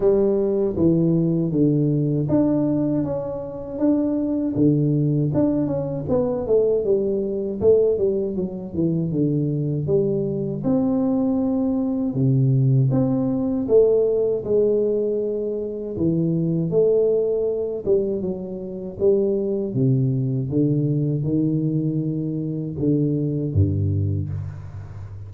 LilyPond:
\new Staff \with { instrumentName = "tuba" } { \time 4/4 \tempo 4 = 79 g4 e4 d4 d'4 | cis'4 d'4 d4 d'8 cis'8 | b8 a8 g4 a8 g8 fis8 e8 | d4 g4 c'2 |
c4 c'4 a4 gis4~ | gis4 e4 a4. g8 | fis4 g4 c4 d4 | dis2 d4 g,4 | }